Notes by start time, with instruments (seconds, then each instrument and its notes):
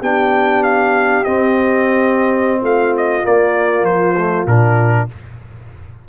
0.00 tuba B3, trombone D4, horn G4, trumpet G5
0.63 trumpet F5
1.24 tuba C4, trombone C4, trumpet D#5
2.61 tuba A3, horn F4, trumpet F5
2.97 trumpet D#5
3.23 trombone A#3, tuba A#3, trumpet D5
3.82 tuba F3, trumpet C5
4.17 trombone A3
4.46 tuba A#2, trombone D4, trumpet A#4